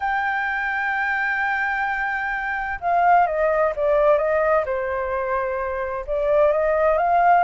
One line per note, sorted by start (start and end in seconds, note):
0.00 2.79 G5
2.80 3.26 F5
3.26 3.73 D#5
3.76 4.17 D5
4.17 4.64 D#5
4.65 6.05 C5
6.07 6.52 D5
6.52 6.97 D#5
6.97 7.43 F5